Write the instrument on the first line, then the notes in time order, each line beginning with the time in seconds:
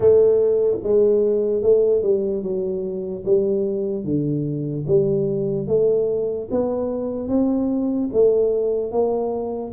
tuba
0.00 A3
0.83 G#3
1.62 A3
2.02 G3
2.43 F#3
3.25 G3
4.04 D3
4.87 G3
5.67 A3
6.50 B3
7.28 C4
8.13 A3
8.91 A#3